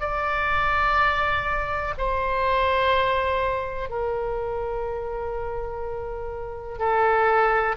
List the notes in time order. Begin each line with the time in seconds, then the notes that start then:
0.00 D5
1.98 C5
3.89 A#4
6.79 A4